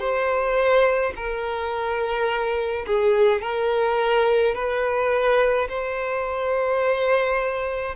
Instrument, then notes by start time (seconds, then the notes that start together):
violin
0.00 C5
1.16 A#4
2.87 G#4
3.42 A#4
4.55 B4
5.69 C5